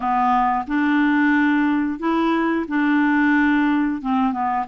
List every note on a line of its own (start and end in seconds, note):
0.00 0.65 B3
0.67 1.98 D4
1.98 2.65 E4
2.68 4.01 D4
4.01 4.32 C4
4.32 4.65 B3